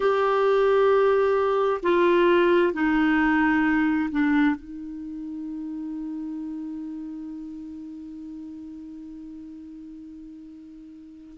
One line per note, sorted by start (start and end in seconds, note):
0.00 1.80 G4
1.82 2.73 F4
2.73 4.09 D#4
4.11 4.55 D4
4.55 11.37 D#4